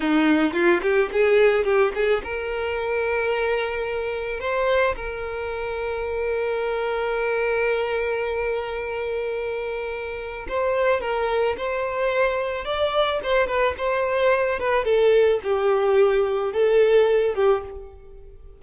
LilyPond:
\new Staff \with { instrumentName = "violin" } { \time 4/4 \tempo 4 = 109 dis'4 f'8 g'8 gis'4 g'8 gis'8 | ais'1 | c''4 ais'2.~ | ais'1~ |
ais'2. c''4 | ais'4 c''2 d''4 | c''8 b'8 c''4. b'8 a'4 | g'2 a'4. g'8 | }